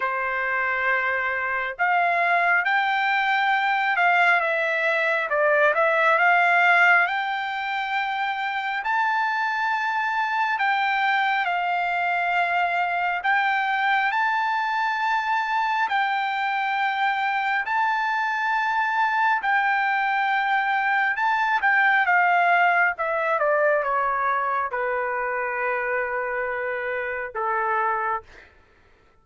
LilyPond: \new Staff \with { instrumentName = "trumpet" } { \time 4/4 \tempo 4 = 68 c''2 f''4 g''4~ | g''8 f''8 e''4 d''8 e''8 f''4 | g''2 a''2 | g''4 f''2 g''4 |
a''2 g''2 | a''2 g''2 | a''8 g''8 f''4 e''8 d''8 cis''4 | b'2. a'4 | }